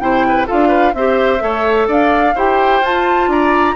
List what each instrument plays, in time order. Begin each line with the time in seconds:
0.00 bassoon C3, clarinet E4, oboe C5, flute G5
0.28 oboe B4
0.46 bassoon D4, clarinet F4, oboe A4, flute F5
0.68 oboe B4
0.94 bassoon C4, clarinet G4, oboe C5, flute E5
1.39 bassoon A3, clarinet A4, oboe C#5
1.87 bassoon D4, oboe D5, flute F5
2.35 bassoon E4, clarinet G4, oboe C5, flute G5
2.81 bassoon F4, clarinet F4, flute A5
3.27 bassoon D4, oboe D5, flute A#5